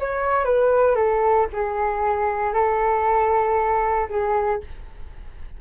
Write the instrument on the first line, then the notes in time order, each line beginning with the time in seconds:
flute
0.00 C#5
0.45 B4
0.96 A4
1.53 G#4
2.54 A4
4.10 G#4